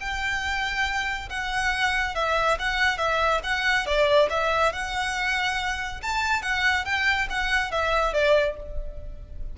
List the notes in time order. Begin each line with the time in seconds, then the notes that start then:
0.00 G5
1.29 F#5
2.15 E5
2.59 F#5
2.98 E5
3.43 F#5
3.86 D5
4.30 E5
4.72 F#5
6.02 A5
6.42 F#5
6.85 G5
7.29 F#5
7.71 E5
8.13 D5